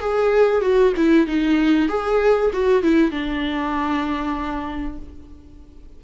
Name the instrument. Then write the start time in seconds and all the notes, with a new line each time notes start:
viola
0.00 G#4
0.61 F#4
0.97 E4
1.27 D#4
1.88 G#4
2.53 F#4
2.83 E4
3.11 D4